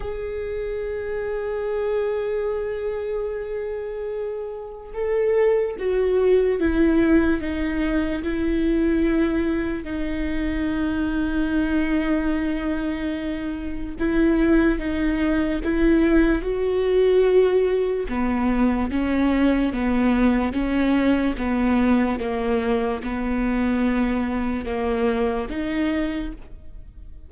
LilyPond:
\new Staff \with { instrumentName = "viola" } { \time 4/4 \tempo 4 = 73 gis'1~ | gis'2 a'4 fis'4 | e'4 dis'4 e'2 | dis'1~ |
dis'4 e'4 dis'4 e'4 | fis'2 b4 cis'4 | b4 cis'4 b4 ais4 | b2 ais4 dis'4 | }